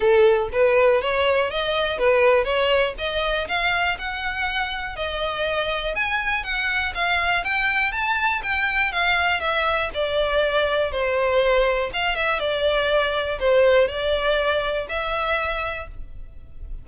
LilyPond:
\new Staff \with { instrumentName = "violin" } { \time 4/4 \tempo 4 = 121 a'4 b'4 cis''4 dis''4 | b'4 cis''4 dis''4 f''4 | fis''2 dis''2 | gis''4 fis''4 f''4 g''4 |
a''4 g''4 f''4 e''4 | d''2 c''2 | f''8 e''8 d''2 c''4 | d''2 e''2 | }